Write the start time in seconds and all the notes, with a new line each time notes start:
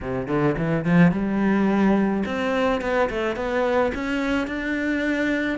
0.00 C3
0.27 D3
0.57 E3
0.84 F3
1.11 G3
2.25 C4
2.81 B3
3.09 A3
3.35 B3
3.94 C#4
4.47 D4